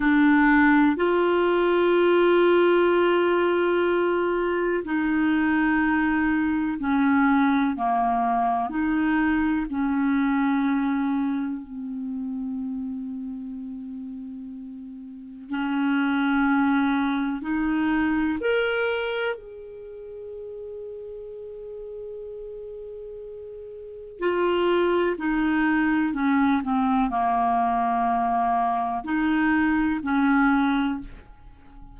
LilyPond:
\new Staff \with { instrumentName = "clarinet" } { \time 4/4 \tempo 4 = 62 d'4 f'2.~ | f'4 dis'2 cis'4 | ais4 dis'4 cis'2 | c'1 |
cis'2 dis'4 ais'4 | gis'1~ | gis'4 f'4 dis'4 cis'8 c'8 | ais2 dis'4 cis'4 | }